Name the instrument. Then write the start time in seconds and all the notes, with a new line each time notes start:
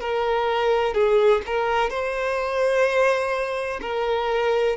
violin
0.00 A#4
0.94 G#4
1.46 A#4
1.90 C5
3.81 A#4